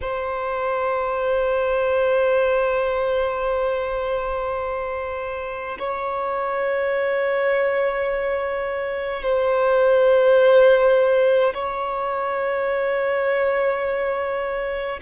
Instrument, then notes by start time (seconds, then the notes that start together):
violin
0.01 C5
5.78 C#5
9.23 C5
11.54 C#5